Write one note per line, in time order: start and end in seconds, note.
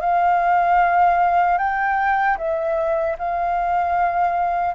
0.00 1.58 F5
1.58 2.37 G5
2.38 3.17 E5
3.18 4.74 F5